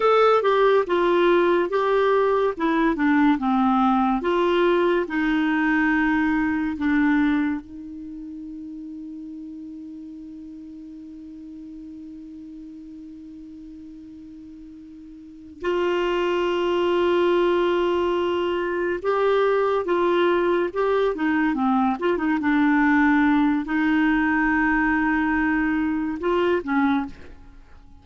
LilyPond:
\new Staff \with { instrumentName = "clarinet" } { \time 4/4 \tempo 4 = 71 a'8 g'8 f'4 g'4 e'8 d'8 | c'4 f'4 dis'2 | d'4 dis'2.~ | dis'1~ |
dis'2~ dis'8 f'4.~ | f'2~ f'8 g'4 f'8~ | f'8 g'8 dis'8 c'8 f'16 dis'16 d'4. | dis'2. f'8 cis'8 | }